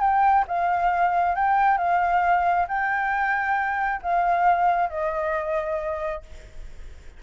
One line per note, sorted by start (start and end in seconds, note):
0.00 0.44 G5
0.47 1.35 F5
1.35 1.77 G5
1.77 2.66 F5
2.67 4.01 G5
4.02 4.89 F5
4.89 6.22 D#5